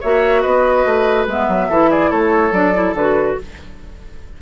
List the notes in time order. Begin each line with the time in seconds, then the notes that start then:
0.00 A#3 F#4 C#5 E5
0.42 B3 B4 D#5
0.85 A3
1.27 G#3 B3 E5
1.48 F#3
1.69 E3 E4 A4
1.91 G#4 D5
2.10 A3 A4 C#5
2.51 F#3 D4 D5
2.74 E4
2.94 D3 F#4 B4